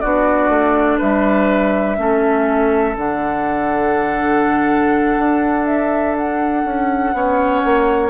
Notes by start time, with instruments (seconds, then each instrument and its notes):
0.00 bassoon B3, clarinet D4, oboe F#4, flute D5
0.49 bassoon A3
0.98 bassoon G3, oboe B4, flute E5
1.97 bassoon A3, clarinet C#4, oboe A4
2.97 bassoon D3, clarinet D4, flute F#5
5.18 bassoon D4
5.66 flute E5
6.17 flute F#5
6.65 bassoon C#4
7.12 bassoon B3, clarinet C#4, oboe C#5
7.64 bassoon A#3